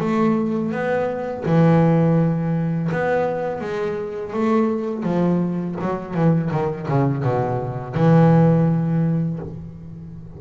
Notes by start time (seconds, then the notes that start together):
0.00 A3
0.71 B3
1.45 E3
2.92 B3
3.60 G#3
4.33 A3
5.03 F3
5.81 F#3
6.14 E3
6.50 D#3
6.88 C#3
7.23 B2
7.95 E3